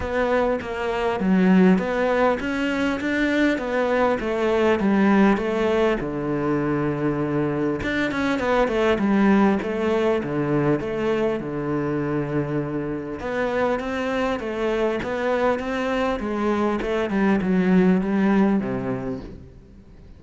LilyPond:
\new Staff \with { instrumentName = "cello" } { \time 4/4 \tempo 4 = 100 b4 ais4 fis4 b4 | cis'4 d'4 b4 a4 | g4 a4 d2~ | d4 d'8 cis'8 b8 a8 g4 |
a4 d4 a4 d4~ | d2 b4 c'4 | a4 b4 c'4 gis4 | a8 g8 fis4 g4 c4 | }